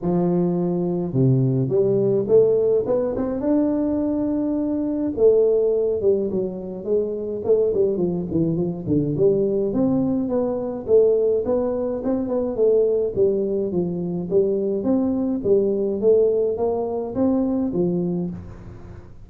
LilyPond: \new Staff \with { instrumentName = "tuba" } { \time 4/4 \tempo 4 = 105 f2 c4 g4 | a4 b8 c'8 d'2~ | d'4 a4. g8 fis4 | gis4 a8 g8 f8 e8 f8 d8 |
g4 c'4 b4 a4 | b4 c'8 b8 a4 g4 | f4 g4 c'4 g4 | a4 ais4 c'4 f4 | }